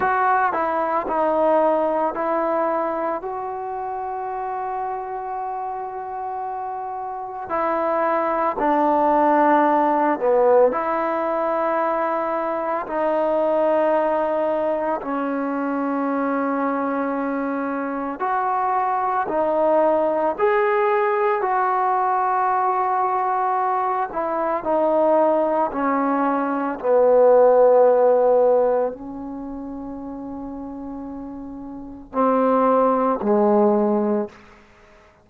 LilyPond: \new Staff \with { instrumentName = "trombone" } { \time 4/4 \tempo 4 = 56 fis'8 e'8 dis'4 e'4 fis'4~ | fis'2. e'4 | d'4. b8 e'2 | dis'2 cis'2~ |
cis'4 fis'4 dis'4 gis'4 | fis'2~ fis'8 e'8 dis'4 | cis'4 b2 cis'4~ | cis'2 c'4 gis4 | }